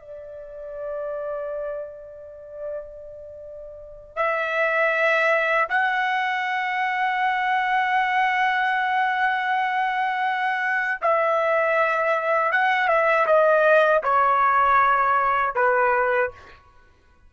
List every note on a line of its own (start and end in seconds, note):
0.00 4.17 D5
4.17 5.69 E5
5.70 11.01 F#5
11.02 12.52 E5
12.52 12.88 F#5
12.88 13.26 E5
13.27 14.03 D#5
14.04 15.56 C#5
15.56 16.32 B4